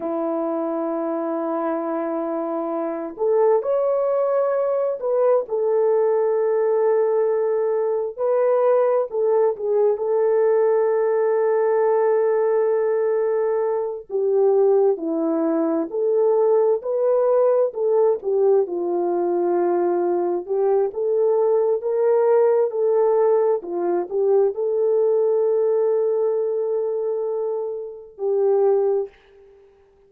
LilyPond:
\new Staff \with { instrumentName = "horn" } { \time 4/4 \tempo 4 = 66 e'2.~ e'8 a'8 | cis''4. b'8 a'2~ | a'4 b'4 a'8 gis'8 a'4~ | a'2.~ a'8 g'8~ |
g'8 e'4 a'4 b'4 a'8 | g'8 f'2 g'8 a'4 | ais'4 a'4 f'8 g'8 a'4~ | a'2. g'4 | }